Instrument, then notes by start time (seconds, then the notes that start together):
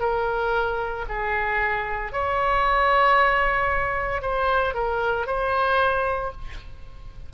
oboe
0.00 A#4
1.09 G#4
2.12 C#5
4.22 C5
4.74 A#4
5.27 C5